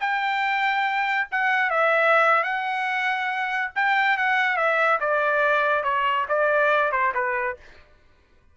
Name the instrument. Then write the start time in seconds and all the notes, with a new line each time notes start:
trumpet
0.00 G5
1.31 F#5
1.70 E5
2.43 F#5
3.76 G5
4.17 F#5
4.56 E5
5.00 D5
5.84 C#5
6.29 D5
6.92 C5
7.14 B4